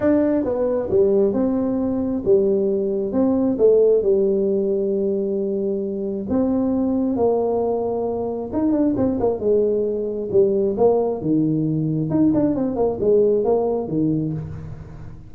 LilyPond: \new Staff \with { instrumentName = "tuba" } { \time 4/4 \tempo 4 = 134 d'4 b4 g4 c'4~ | c'4 g2 c'4 | a4 g2.~ | g2 c'2 |
ais2. dis'8 d'8 | c'8 ais8 gis2 g4 | ais4 dis2 dis'8 d'8 | c'8 ais8 gis4 ais4 dis4 | }